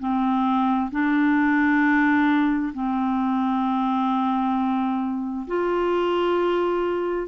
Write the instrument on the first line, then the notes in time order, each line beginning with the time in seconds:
clarinet
0.00 C4
0.92 D4
2.74 C4
5.48 F4